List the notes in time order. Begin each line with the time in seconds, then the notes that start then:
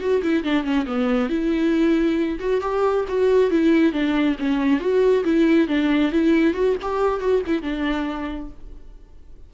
0.00 F#4
0.23 E4
0.44 D4
0.64 C#4
0.86 B3
1.30 E4
2.39 F#4
2.61 G4
3.08 F#4
3.51 E4
3.92 D4
4.39 C#4
4.80 F#4
5.24 E4
5.68 D4
6.12 E4
6.54 F#4
6.82 G4
7.20 F#4
7.47 E4
7.62 D4